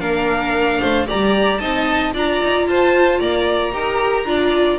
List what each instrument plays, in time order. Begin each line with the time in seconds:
0.00 double bass A#3, viola D4, violin A#4 F5
0.80 double bass A3, violin C5
1.06 double bass G3, viola G4, violin D5 A#5
1.58 double bass C4, viola D#4, violin D#5 A5
2.13 double bass D4, viola F4, violin D5 A#5
2.42 double bass D#4
2.66 double bass F4, violin C5 A5
3.19 double bass A#3, violin D5 A#5
3.72 double bass D#4, viola G4, violin A#4
4.24 double bass D4, viola F4, violin D5